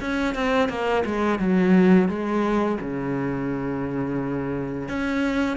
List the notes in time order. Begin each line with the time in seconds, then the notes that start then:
0.00 C#4
0.35 C4
0.69 A#3
1.05 G#3
1.39 F#3
2.08 G#3
2.81 C#3
4.88 C#4